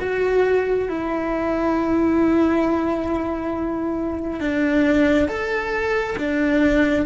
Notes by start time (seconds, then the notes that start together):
0.00 F#4
0.88 E4
4.40 D4
5.28 A4
6.17 D4